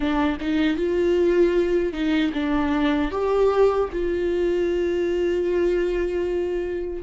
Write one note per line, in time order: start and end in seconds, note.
0.00 0.37 D4
0.40 0.76 D#4
0.76 1.92 F4
1.92 2.31 D#4
2.33 3.11 D4
3.11 3.89 G4
3.92 7.02 F4